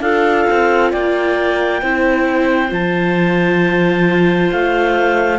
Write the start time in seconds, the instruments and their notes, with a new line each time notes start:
0.00 cello D4, viola F4, clarinet A4 F5
0.50 cello C4
0.91 cello A#3, clarinet D5 G5
1.82 cello C4, viola E4, clarinet C5
2.68 cello F3, viola F4, clarinet A5
4.51 cello A3, clarinet F5